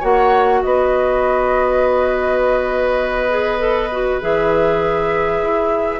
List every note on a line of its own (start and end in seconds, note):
0.00 0.63 A#3
0.00 3.30 F#4
0.00 0.60 C#5
0.00 0.62 F#5
0.62 4.22 B3
0.62 6.00 B4
0.62 4.22 D#5
3.30 3.59 G#4
3.59 3.89 A4
3.92 4.21 F#4
4.21 5.42 E3
4.21 6.00 G#4
4.21 6.00 E5
5.42 6.00 E4